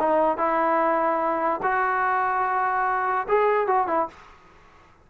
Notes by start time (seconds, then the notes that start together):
0.00 D#4
0.38 E4
1.63 F#4
3.28 G#4
3.67 F#4
3.88 E4